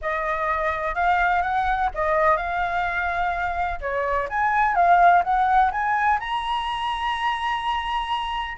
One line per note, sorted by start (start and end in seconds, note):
0.01 0.94 D#5
0.94 1.42 F5
1.42 1.89 F#5
1.94 2.37 D#5
2.37 3.79 F5
3.80 4.28 C#5
4.29 4.75 G#5
4.75 5.22 F5
5.23 5.71 F#5
5.71 6.19 G#5
6.19 8.57 A#5